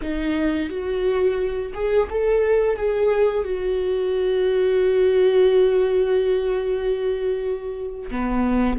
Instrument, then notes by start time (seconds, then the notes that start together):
viola
0.01 D#4
0.69 F#4
1.74 G#4
2.10 A4
2.76 G#4
3.44 F#4
8.10 B3